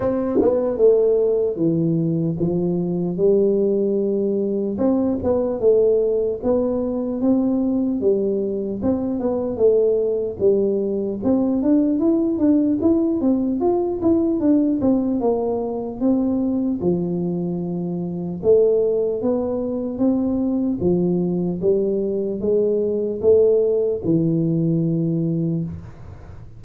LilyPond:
\new Staff \with { instrumentName = "tuba" } { \time 4/4 \tempo 4 = 75 c'8 b8 a4 e4 f4 | g2 c'8 b8 a4 | b4 c'4 g4 c'8 b8 | a4 g4 c'8 d'8 e'8 d'8 |
e'8 c'8 f'8 e'8 d'8 c'8 ais4 | c'4 f2 a4 | b4 c'4 f4 g4 | gis4 a4 e2 | }